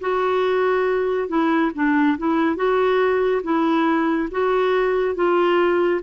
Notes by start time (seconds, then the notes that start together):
0.00 F#4
1.28 E4
1.74 D4
2.17 E4
2.56 F#4
3.43 E4
4.31 F#4
5.15 F4